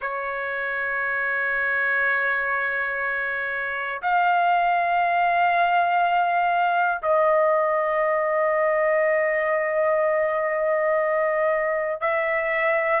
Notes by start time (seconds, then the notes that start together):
0.00 C#5
4.02 F5
7.02 D#5
12.00 E5